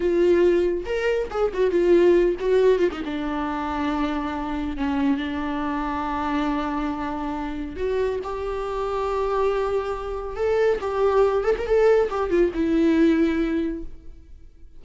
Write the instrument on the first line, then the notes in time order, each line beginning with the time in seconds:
viola
0.00 F4
0.85 A#4
1.30 G#4
1.53 F#4
1.71 F4
2.39 F#4
2.78 F4
2.91 D#4
3.04 D4
4.77 C#4
5.17 D4
7.76 F#4
8.23 G4
10.36 A4
10.80 G4
11.43 A4
11.58 A#4
11.66 A4
12.09 G4
12.29 F4
12.54 E4